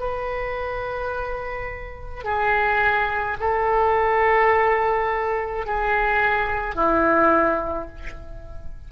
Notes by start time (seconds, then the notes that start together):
0.00 B4
2.24 G#4
3.41 A4
5.67 G#4
6.76 E4